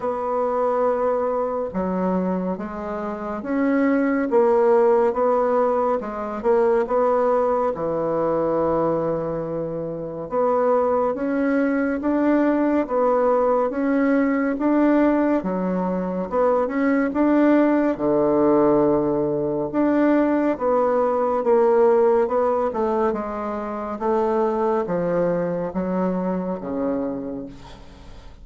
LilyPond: \new Staff \with { instrumentName = "bassoon" } { \time 4/4 \tempo 4 = 70 b2 fis4 gis4 | cis'4 ais4 b4 gis8 ais8 | b4 e2. | b4 cis'4 d'4 b4 |
cis'4 d'4 fis4 b8 cis'8 | d'4 d2 d'4 | b4 ais4 b8 a8 gis4 | a4 f4 fis4 cis4 | }